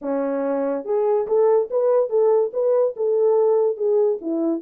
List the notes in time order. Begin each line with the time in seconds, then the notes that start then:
0.01 C#4
0.84 G#4
1.27 A4
1.70 B4
2.09 A4
2.53 B4
2.96 A4
3.76 G#4
4.21 E4